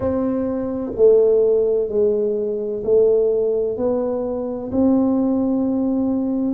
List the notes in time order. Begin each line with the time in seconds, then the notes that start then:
0.00 C4
0.95 A3
1.88 G#3
2.84 A3
3.77 B3
4.71 C4